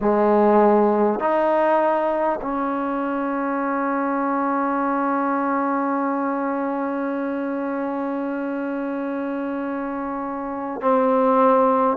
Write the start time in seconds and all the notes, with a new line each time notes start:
0.00 G#3
1.19 D#4
2.41 C#4
10.81 C4